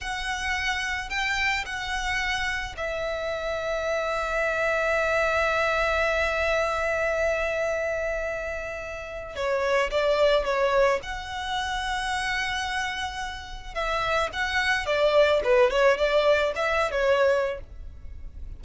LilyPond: \new Staff \with { instrumentName = "violin" } { \time 4/4 \tempo 4 = 109 fis''2 g''4 fis''4~ | fis''4 e''2.~ | e''1~ | e''1~ |
e''4 cis''4 d''4 cis''4 | fis''1~ | fis''4 e''4 fis''4 d''4 | b'8 cis''8 d''4 e''8. cis''4~ cis''16 | }